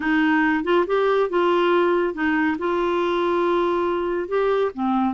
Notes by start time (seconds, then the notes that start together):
0.00 D#4
0.64 F4
0.86 G4
1.29 F4
2.14 D#4
2.58 F4
4.28 G4
4.74 C4